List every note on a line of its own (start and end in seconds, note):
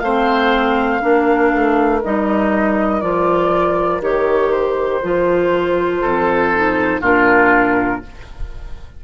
0.00 1.02 A3
0.00 1.01 C4
0.00 1.02 C5
0.00 2.00 F5
1.01 1.53 A#3
1.01 2.01 D4
1.01 6.02 A#4
1.53 2.03 A3
2.03 3.02 G3
2.03 3.02 D#4
2.03 3.01 D#5
3.01 4.01 F3
3.01 4.01 F4
3.01 4.01 D5
4.01 5.01 D#3
4.01 5.01 G4
4.01 4.52 C#5
4.52 7.02 C5
5.03 6.03 F3
5.03 6.53 F4
6.02 7.02 F2
6.02 7.01 A4
6.54 7.02 D#4
7.01 8.02 A#2
7.01 8.02 D4
7.01 8.01 F4
7.01 8.04 A#4